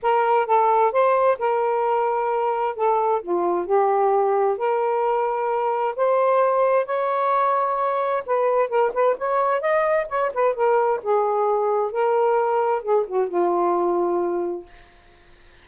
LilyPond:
\new Staff \with { instrumentName = "saxophone" } { \time 4/4 \tempo 4 = 131 ais'4 a'4 c''4 ais'4~ | ais'2 a'4 f'4 | g'2 ais'2~ | ais'4 c''2 cis''4~ |
cis''2 b'4 ais'8 b'8 | cis''4 dis''4 cis''8 b'8 ais'4 | gis'2 ais'2 | gis'8 fis'8 f'2. | }